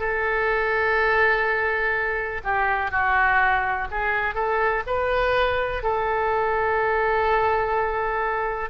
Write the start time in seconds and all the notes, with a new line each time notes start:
0.00 A4
2.45 G4
2.92 F#4
3.91 G#4
4.35 A4
4.87 B4
5.83 A4